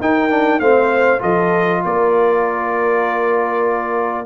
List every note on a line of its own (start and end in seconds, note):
0.00 0.60 D#4
0.00 0.30 D#4
0.00 0.61 A#4
0.00 0.60 G5
0.30 0.60 D4
0.60 1.21 A3
0.60 1.19 C4
0.60 1.21 C5
0.60 1.21 F5
1.19 1.84 F3
1.19 4.25 F4
1.19 1.83 A4
1.19 1.83 D#5
1.85 4.26 A#3
1.85 4.26 A#4
1.85 4.26 D5